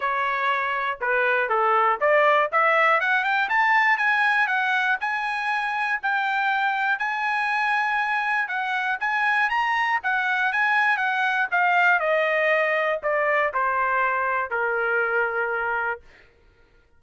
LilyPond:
\new Staff \with { instrumentName = "trumpet" } { \time 4/4 \tempo 4 = 120 cis''2 b'4 a'4 | d''4 e''4 fis''8 g''8 a''4 | gis''4 fis''4 gis''2 | g''2 gis''2~ |
gis''4 fis''4 gis''4 ais''4 | fis''4 gis''4 fis''4 f''4 | dis''2 d''4 c''4~ | c''4 ais'2. | }